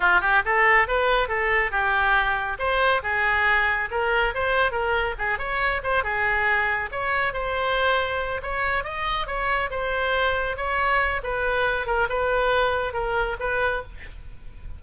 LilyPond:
\new Staff \with { instrumentName = "oboe" } { \time 4/4 \tempo 4 = 139 f'8 g'8 a'4 b'4 a'4 | g'2 c''4 gis'4~ | gis'4 ais'4 c''4 ais'4 | gis'8 cis''4 c''8 gis'2 |
cis''4 c''2~ c''8 cis''8~ | cis''8 dis''4 cis''4 c''4.~ | c''8 cis''4. b'4. ais'8 | b'2 ais'4 b'4 | }